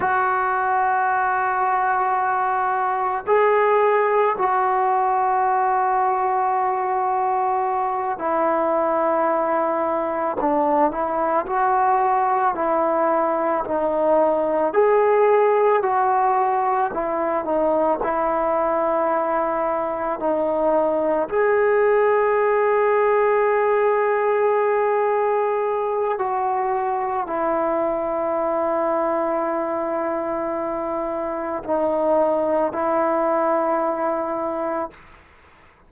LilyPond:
\new Staff \with { instrumentName = "trombone" } { \time 4/4 \tempo 4 = 55 fis'2. gis'4 | fis'2.~ fis'8 e'8~ | e'4. d'8 e'8 fis'4 e'8~ | e'8 dis'4 gis'4 fis'4 e'8 |
dis'8 e'2 dis'4 gis'8~ | gis'1 | fis'4 e'2.~ | e'4 dis'4 e'2 | }